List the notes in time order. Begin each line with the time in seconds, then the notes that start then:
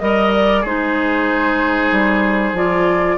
0.00 G3 A#4 D#5
0.35 D5
0.62 G#3 D#4 G#4 C5
1.92 G3
2.53 F3 F4 D5